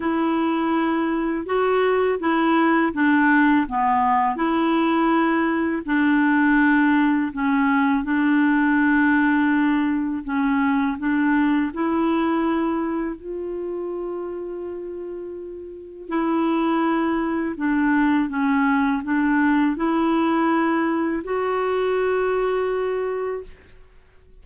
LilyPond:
\new Staff \with { instrumentName = "clarinet" } { \time 4/4 \tempo 4 = 82 e'2 fis'4 e'4 | d'4 b4 e'2 | d'2 cis'4 d'4~ | d'2 cis'4 d'4 |
e'2 f'2~ | f'2 e'2 | d'4 cis'4 d'4 e'4~ | e'4 fis'2. | }